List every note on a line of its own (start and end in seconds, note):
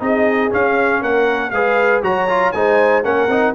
0.00 0.52 C4
0.00 0.50 D#4
0.00 1.02 G#4
0.00 0.53 D#5
0.50 1.51 C#4
0.50 1.02 C#4
0.50 1.03 F5
1.02 1.52 A#3
1.02 1.52 A#4
1.02 1.51 F#5
1.51 2.02 G#3
1.51 2.03 G#4
1.51 2.05 B4
1.51 2.01 F5
2.03 2.53 F#3
2.03 2.28 F#4
2.03 2.55 C#5
2.03 2.52 A#5
2.29 2.54 F4
2.52 3.05 G#3
2.52 3.04 D#4
2.52 3.05 C5
2.52 3.03 G#5
3.04 3.27 A#3
3.04 3.29 C#4
3.04 3.55 A#4
3.04 3.55 F#5
3.27 3.53 C4
3.27 3.55 D#4